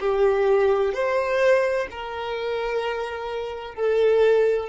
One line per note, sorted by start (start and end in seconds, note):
0.00 0.94 G4
0.94 1.87 C5
1.91 3.75 A#4
3.75 4.69 A4